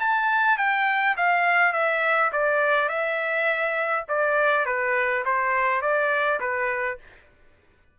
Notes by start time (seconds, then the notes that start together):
0.00 A5
0.58 G5
1.17 F5
1.73 E5
2.32 D5
2.89 E5
4.09 D5
4.66 B4
5.25 C5
5.82 D5
6.40 B4